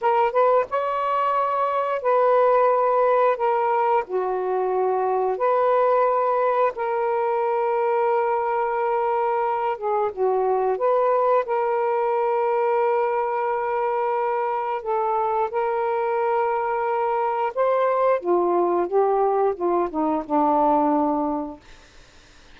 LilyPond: \new Staff \with { instrumentName = "saxophone" } { \time 4/4 \tempo 4 = 89 ais'8 b'8 cis''2 b'4~ | b'4 ais'4 fis'2 | b'2 ais'2~ | ais'2~ ais'8 gis'8 fis'4 |
b'4 ais'2.~ | ais'2 a'4 ais'4~ | ais'2 c''4 f'4 | g'4 f'8 dis'8 d'2 | }